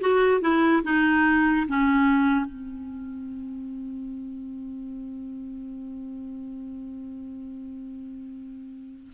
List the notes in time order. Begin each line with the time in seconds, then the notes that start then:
0.00 F#4
0.41 E4
0.83 D#4
1.67 C#4
2.45 C4